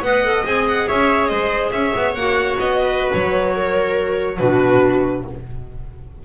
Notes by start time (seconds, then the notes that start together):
0.00 B3 B4 D#5 F#5
0.24 A4
0.44 C4 G#4 G#5
0.68 F#5
0.87 C#4 C#5 E5
1.27 G#3 C5 D#5
1.71 C#4 C#5 E5
1.96 B3
2.14 A#3 F#4 F#5
2.59 B3 D#5
2.80 B4
3.12 F#3 C#5
3.55 A#4
4.37 B2 D4 F#4 B4